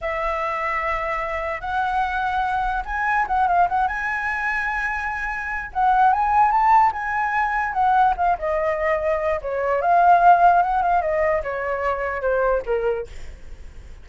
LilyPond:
\new Staff \with { instrumentName = "flute" } { \time 4/4 \tempo 4 = 147 e''1 | fis''2. gis''4 | fis''8 f''8 fis''8 gis''2~ gis''8~ | gis''2 fis''4 gis''4 |
a''4 gis''2 fis''4 | f''8 dis''2~ dis''8 cis''4 | f''2 fis''8 f''8 dis''4 | cis''2 c''4 ais'4 | }